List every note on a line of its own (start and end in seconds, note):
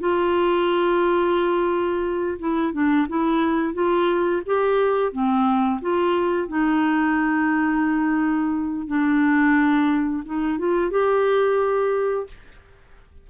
0.00 2.39 F4
2.39 2.73 E4
2.73 3.07 D4
3.09 3.74 E4
3.74 4.43 F4
4.46 5.12 G4
5.12 5.80 C4
5.82 6.49 F4
6.49 8.87 D#4
8.87 10.24 D4
10.26 10.59 D#4
10.59 10.91 F4
10.91 12.28 G4